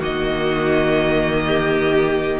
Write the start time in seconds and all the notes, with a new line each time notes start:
0.00 D#3 A#3 F#4 D#5
1.47 G4